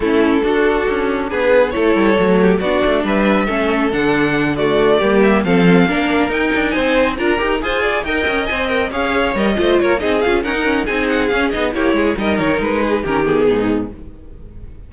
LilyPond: <<
  \new Staff \with { instrumentName = "violin" } { \time 4/4 \tempo 4 = 138 a'2. b'4 | cis''2 d''4 e''4~ | e''4 fis''4. d''4. | e''8 f''2 g''4 gis''8~ |
gis''8 ais''4 gis''4 g''4 gis''8 | g''8 f''4 dis''4 cis''8 dis''8 f''8 | fis''4 gis''8 fis''8 f''8 dis''8 cis''4 | dis''8 cis''8 b'4 ais'8 gis'4. | }
  \new Staff \with { instrumentName = "violin" } { \time 4/4 e'4 fis'2 gis'4 | a'4. g'8 fis'4 b'4 | a'2~ a'8 fis'4 g'8~ | g'8 a'4 ais'2 c''8~ |
c''8 ais'4 c''8 d''8 dis''4.~ | dis''8 cis''4. c''8 ais'8 gis'4 | ais'4 gis'2 g'8 gis'8 | ais'4. gis'8 g'4 dis'4 | }
  \new Staff \with { instrumentName = "viola" } { \time 4/4 cis'4 d'2. | e'4 a4 d'2 | cis'4 d'4. a4 ais8~ | ais8 c'4 d'4 dis'4.~ |
dis'8 f'8 g'8 gis'4 ais'4 c''8 | ais'8 gis'4 ais'8 f'4 dis'8 f'8 | cis'16 dis'16 cis'8 dis'4 cis'8 dis'8 e'4 | dis'2 cis'8 b4. | }
  \new Staff \with { instrumentName = "cello" } { \time 4/4 a4 d'4 cis'4 b4 | a8 g8 fis4 b8 a8 g4 | a4 d2~ d8 g8~ | g8 f4 ais4 dis'8 d'8 c'8~ |
c'8 d'8 dis'8 f'4 dis'8 cis'8 c'8~ | c'8 cis'4 g8 a8 ais8 c'8 cis'8 | dis'4 c'4 cis'8 b8 ais8 gis8 | g8 dis8 gis4 dis4 gis,4 | }
>>